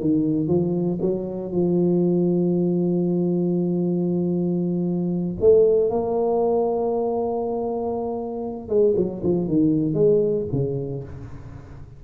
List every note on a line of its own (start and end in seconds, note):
0.00 0.47 D#3
0.47 0.99 F3
1.01 1.52 F#3
1.52 5.36 F3
5.40 5.90 A3
5.90 8.69 A#3
8.69 8.94 G#3
8.96 9.22 F#3
9.23 9.47 F3
9.47 9.94 D#3
9.94 10.45 G#3
10.52 11.03 C#3